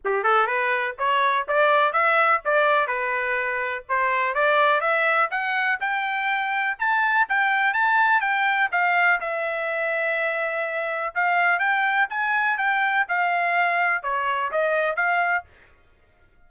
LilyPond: \new Staff \with { instrumentName = "trumpet" } { \time 4/4 \tempo 4 = 124 g'8 a'8 b'4 cis''4 d''4 | e''4 d''4 b'2 | c''4 d''4 e''4 fis''4 | g''2 a''4 g''4 |
a''4 g''4 f''4 e''4~ | e''2. f''4 | g''4 gis''4 g''4 f''4~ | f''4 cis''4 dis''4 f''4 | }